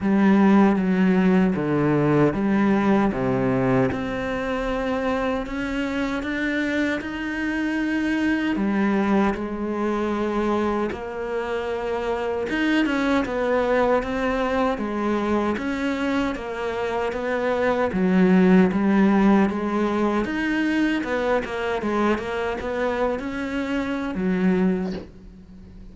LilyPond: \new Staff \with { instrumentName = "cello" } { \time 4/4 \tempo 4 = 77 g4 fis4 d4 g4 | c4 c'2 cis'4 | d'4 dis'2 g4 | gis2 ais2 |
dis'8 cis'8 b4 c'4 gis4 | cis'4 ais4 b4 fis4 | g4 gis4 dis'4 b8 ais8 | gis8 ais8 b8. cis'4~ cis'16 fis4 | }